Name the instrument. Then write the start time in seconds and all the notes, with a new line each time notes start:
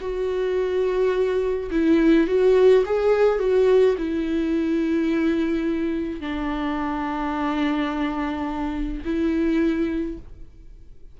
viola
0.00 F#4
1.70 E4
2.27 F#4
2.85 G#4
3.39 F#4
3.98 E4
6.20 D4
9.04 E4